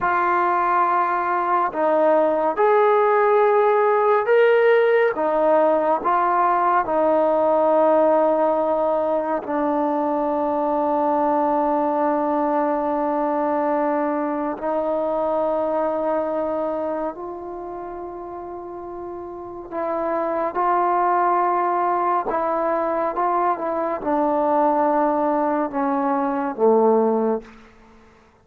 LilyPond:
\new Staff \with { instrumentName = "trombone" } { \time 4/4 \tempo 4 = 70 f'2 dis'4 gis'4~ | gis'4 ais'4 dis'4 f'4 | dis'2. d'4~ | d'1~ |
d'4 dis'2. | f'2. e'4 | f'2 e'4 f'8 e'8 | d'2 cis'4 a4 | }